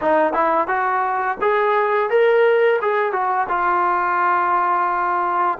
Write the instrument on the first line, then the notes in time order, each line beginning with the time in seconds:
trombone
0.01 D#4
0.33 E4
0.67 F#4
1.41 G#4
2.10 A#4
2.81 G#4
3.12 F#4
3.49 F4